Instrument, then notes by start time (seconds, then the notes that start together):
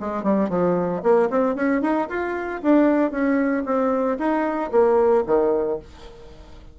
bassoon
0.00 G#3
0.23 G3
0.49 F3
1.03 A#3
1.30 C4
1.55 C#4
1.82 D#4
2.09 F4
2.62 D4
3.11 C#4
3.65 C4
4.18 D#4
4.71 A#3
5.26 D#3